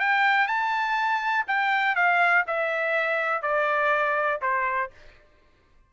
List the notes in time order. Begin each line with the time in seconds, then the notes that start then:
0.00 G5
0.48 A5
1.48 G5
1.96 F5
2.47 E5
3.42 D5
4.42 C5